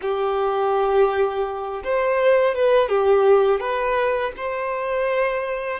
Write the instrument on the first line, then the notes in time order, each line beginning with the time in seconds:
violin
0.01 G4
1.84 C5
2.55 B4
2.88 G4
3.59 B4
4.36 C5